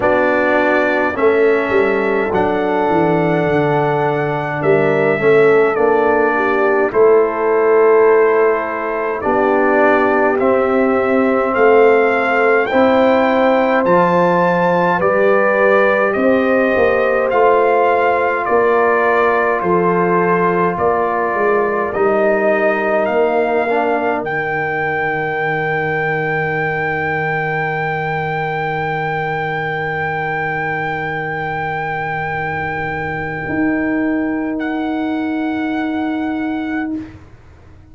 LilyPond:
<<
  \new Staff \with { instrumentName = "trumpet" } { \time 4/4 \tempo 4 = 52 d''4 e''4 fis''2 | e''4 d''4 c''2 | d''4 e''4 f''4 g''4 | a''4 d''4 dis''4 f''4 |
d''4 c''4 d''4 dis''4 | f''4 g''2.~ | g''1~ | g''2 fis''2 | }
  \new Staff \with { instrumentName = "horn" } { \time 4/4 fis'4 a'2. | ais'8 a'4 g'8 a'2 | g'2 a'4 c''4~ | c''4 b'4 c''2 |
ais'4 a'4 ais'2~ | ais'1~ | ais'1~ | ais'1 | }
  \new Staff \with { instrumentName = "trombone" } { \time 4/4 d'4 cis'4 d'2~ | d'8 cis'8 d'4 e'2 | d'4 c'2 e'4 | f'4 g'2 f'4~ |
f'2. dis'4~ | dis'8 d'8 dis'2.~ | dis'1~ | dis'1 | }
  \new Staff \with { instrumentName = "tuba" } { \time 4/4 b4 a8 g8 fis8 e8 d4 | g8 a8 ais4 a2 | b4 c'4 a4 c'4 | f4 g4 c'8 ais8 a4 |
ais4 f4 ais8 gis8 g4 | ais4 dis2.~ | dis1~ | dis4 dis'2. | }
>>